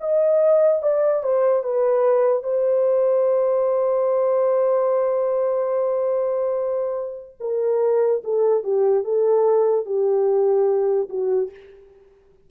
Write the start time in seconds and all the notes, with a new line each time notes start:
0.00 D#5
0.82 D5
1.23 C5
1.63 B4
2.43 C5
7.40 A#4
8.24 A4
8.63 G4
9.04 A4
9.86 G4
11.09 F#4